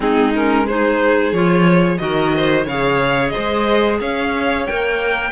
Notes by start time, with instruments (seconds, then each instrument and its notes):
0.00 cello G#3, clarinet C4, violin D#4 G#4
0.33 clarinet C#4, violin A#4
0.65 clarinet D#4, violin G#4 C5
1.32 cello F3, clarinet F4, violin C#5
1.97 cello D#3, clarinet F#4, violin A#4 D#5
2.36 violin C5
2.65 cello C#3, clarinet G#4, violin C#5 F5
3.28 violin C5 D#5
3.37 cello G#3
4.00 cello C#4, violin C#5 F5
4.66 cello A#3, clarinet A#4, violin G5